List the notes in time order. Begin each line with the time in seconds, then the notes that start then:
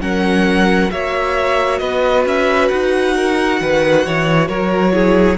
0.00 F#3 C#4 A#4 F#5
0.90 A#3 F#4 C#5 E5
1.78 B3 B4 D#5
2.25 C#4 E5
2.68 D#4 F#5
3.15 A#4
3.60 D#3 B4
4.06 E3 C#5
4.48 F#3 A#4 C#5
4.92 E4 G#4